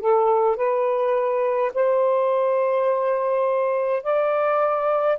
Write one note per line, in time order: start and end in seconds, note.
0.00 0.56 A4
0.56 1.72 B4
1.74 4.03 C5
4.03 5.18 D5